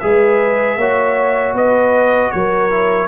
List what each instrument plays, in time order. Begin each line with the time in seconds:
0.00 tuba G#3, trombone G#4, horn B4, trumpet E5
0.77 tuba A#3, trombone F#4, horn C#5
1.54 tuba B3, horn B4, trumpet D#5
2.31 tuba F#3, horn A#4, trumpet C#5
2.71 trombone E4